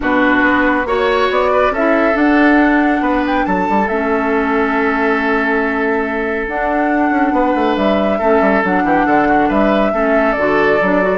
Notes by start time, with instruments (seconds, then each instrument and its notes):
0.00 bassoon B2, clarinet D4, oboe F#4, flute B4
0.42 bassoon B3
0.85 bassoon A#3, clarinet F#4, oboe C#5, flute C#5
1.30 bassoon B3, flute D5
1.52 oboe B4
1.71 bassoon C#4, clarinet E4, oboe A4, flute E5
2.13 clarinet D4, bassoon D4, flute F#5
3.00 bassoon B3, oboe B4
3.26 flute G5
3.45 bassoon F#3, oboe A4, flute A5
3.69 bassoon G3
3.88 bassoon A3, clarinet C#4, flute E5
6.47 bassoon D4, clarinet D4, flute F#5
7.10 bassoon C#4
7.32 bassoon B3, oboe B4
7.54 bassoon A3
7.76 bassoon G3, flute E5
8.18 bassoon A3, clarinet C#4, oboe A4
8.40 bassoon G3
8.63 bassoon F#3, clarinet D4, flute F#5
8.83 bassoon E3, oboe G4
9.05 bassoon D3, oboe A4
9.28 oboe F#4
9.48 bassoon G3, oboe B4, flute E5
9.92 bassoon A3, clarinet C#4, oboe A4
10.32 bassoon D3, clarinet F#4, flute D5
10.81 bassoon F#3, clarinet D4
11.02 clarinet F#4